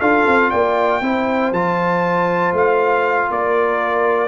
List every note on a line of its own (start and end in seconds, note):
0.00 0.26 D4
0.00 1.02 F4
0.00 0.51 A4
0.00 0.51 F5
0.27 0.53 C4
0.51 1.01 A#3
0.51 1.02 D5
0.51 1.52 G5
1.01 1.52 C4
1.01 1.53 E4
1.01 3.31 C5
1.52 2.53 F3
1.52 4.28 F4
1.52 2.55 A5
2.53 3.29 A3
2.53 3.32 F5
3.30 4.28 A#3
3.30 4.28 A#4
3.30 4.28 D5